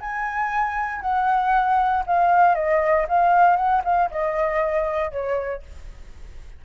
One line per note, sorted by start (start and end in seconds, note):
0.00 1.01 G#5
1.01 2.03 F#5
2.06 2.55 F5
2.55 3.06 D#5
3.08 3.56 F5
3.56 3.82 F#5
3.84 4.10 F5
4.10 5.11 D#5
5.11 5.62 C#5